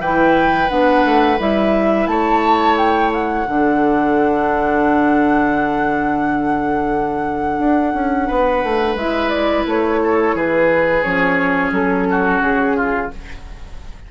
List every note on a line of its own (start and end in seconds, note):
0.00 0.69 E3
0.00 0.69 E4
0.00 2.08 B4
0.00 0.70 G5
0.69 1.05 B3
0.69 1.38 D4
0.69 1.39 F#5
1.05 1.39 A3
1.39 2.07 G3
1.39 3.46 E4
1.39 2.07 E5
2.07 3.45 A3
2.07 3.48 C#5
2.07 2.76 A5
2.78 3.12 G5
3.14 8.98 F#5
3.48 7.59 D3
3.48 8.98 D4
3.48 8.28 A4
7.59 7.94 D4
7.94 8.29 C#4
8.28 8.64 B3
8.28 10.00 B4
8.64 8.96 A3
8.96 9.65 G#3
8.96 11.04 E4
8.96 9.30 E5
9.30 9.64 D5
9.67 10.35 A3
9.67 10.38 C#5
10.04 10.36 A4
10.35 11.04 E3
10.35 12.08 G#4
10.35 11.03 B4
11.03 11.72 F3
11.03 13.11 C#4
11.03 11.72 C#5
11.72 12.41 F#3
11.72 12.42 A4
12.11 12.77 F#4
12.41 13.10 C#3
12.41 13.11 G#4
12.77 13.11 F4